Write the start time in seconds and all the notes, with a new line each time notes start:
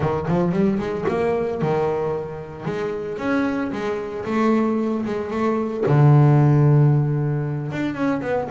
0.00 D#3
0.28 F3
0.51 G3
0.78 G#3
1.08 A#3
1.61 D#3
2.65 G#3
3.18 C#4
3.71 G#3
4.25 A3
5.05 G#3
5.30 A3
5.86 D3
7.71 D4
7.94 C#4
8.21 B3